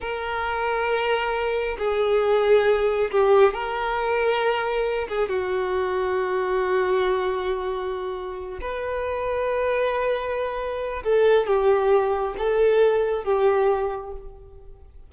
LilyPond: \new Staff \with { instrumentName = "violin" } { \time 4/4 \tempo 4 = 136 ais'1 | gis'2. g'4 | ais'2.~ ais'8 gis'8 | fis'1~ |
fis'2.~ fis'8 b'8~ | b'1~ | b'4 a'4 g'2 | a'2 g'2 | }